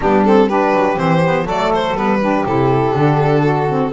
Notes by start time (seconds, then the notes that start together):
0.00 G3 B3 D4 G4
0.25 C4 A4
0.47 D4 G4 B4
0.72 F#3
0.95 E3 C4 C5
1.23 B3
1.44 F#3 A3 A4 D5
1.74 C5
1.94 G3 B3 B4
2.21 D4 G4
2.46 C3 E4 A4
2.94 D3 D4
3.41 F#4
3.69 C4